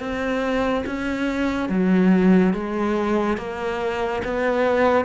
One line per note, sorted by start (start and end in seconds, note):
0.00 0.85 C4
0.86 1.69 C#4
1.69 2.54 F#3
2.54 3.38 G#3
3.38 4.22 A#3
4.24 5.06 B3